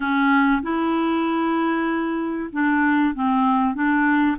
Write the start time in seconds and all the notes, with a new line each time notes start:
0.00 C#4
0.62 E4
2.52 D4
3.14 C4
3.74 D4